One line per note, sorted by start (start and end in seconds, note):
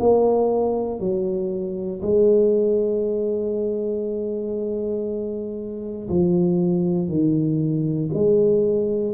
0.00 1.00 A#3
1.00 2.02 F#3
2.02 6.09 G#3
6.10 7.09 F3
7.09 8.11 D#3
8.14 9.14 G#3